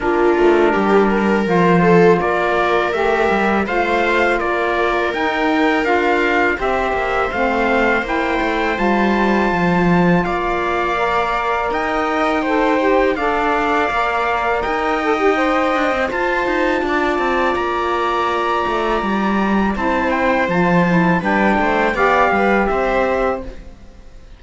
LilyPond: <<
  \new Staff \with { instrumentName = "trumpet" } { \time 4/4 \tempo 4 = 82 ais'2 c''4 d''4 | e''4 f''4 d''4 g''4 | f''4 e''4 f''4 g''4 | a''2 f''2 |
g''2 f''2 | g''2 a''2 | ais''2. a''8 g''8 | a''4 g''4 f''4 e''4 | }
  \new Staff \with { instrumentName = "viola" } { \time 4/4 f'4 g'8 ais'4 a'8 ais'4~ | ais'4 c''4 ais'2~ | ais'4 c''2.~ | c''2 d''2 |
dis''4 c''4 d''2 | dis''2 c''4 d''4~ | d''2. c''4~ | c''4 b'8 c''8 d''8 b'8 c''4 | }
  \new Staff \with { instrumentName = "saxophone" } { \time 4/4 d'2 f'2 | g'4 f'2 dis'4 | f'4 g'4 c'4 e'4 | f'2. ais'4~ |
ais'4 a'8 g'8 a'4 ais'4~ | ais'8 a'16 g'16 c''4 f'2~ | f'2. e'4 | f'8 e'8 d'4 g'2 | }
  \new Staff \with { instrumentName = "cello" } { \time 4/4 ais8 a8 g4 f4 ais4 | a8 g8 a4 ais4 dis'4 | d'4 c'8 ais8 a4 ais8 a8 | g4 f4 ais2 |
dis'2 d'4 ais4 | dis'4. d'16 c'16 f'8 dis'8 d'8 c'8 | ais4. a8 g4 c'4 | f4 g8 a8 b8 g8 c'4 | }
>>